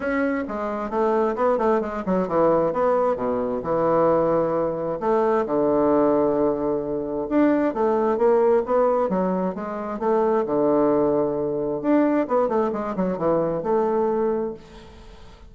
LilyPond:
\new Staff \with { instrumentName = "bassoon" } { \time 4/4 \tempo 4 = 132 cis'4 gis4 a4 b8 a8 | gis8 fis8 e4 b4 b,4 | e2. a4 | d1 |
d'4 a4 ais4 b4 | fis4 gis4 a4 d4~ | d2 d'4 b8 a8 | gis8 fis8 e4 a2 | }